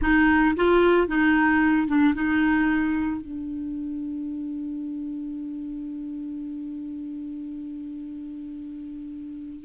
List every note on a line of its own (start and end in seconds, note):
0.01 0.55 D#4
0.56 1.07 F4
1.07 1.87 D#4
1.87 2.14 D4
2.14 3.21 D#4
3.21 9.64 D4